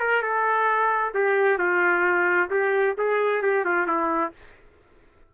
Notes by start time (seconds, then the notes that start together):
0.00 A#4
0.22 A4
1.14 G4
1.58 F4
2.50 G4
2.98 G#4
3.42 G4
3.65 F4
3.87 E4